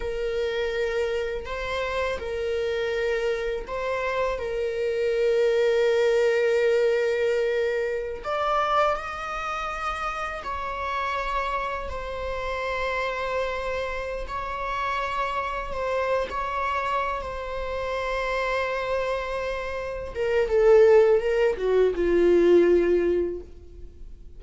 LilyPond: \new Staff \with { instrumentName = "viola" } { \time 4/4 \tempo 4 = 82 ais'2 c''4 ais'4~ | ais'4 c''4 ais'2~ | ais'2.~ ais'16 d''8.~ | d''16 dis''2 cis''4.~ cis''16~ |
cis''16 c''2.~ c''16 cis''8~ | cis''4. c''8. cis''4~ cis''16 c''8~ | c''2.~ c''8 ais'8 | a'4 ais'8 fis'8 f'2 | }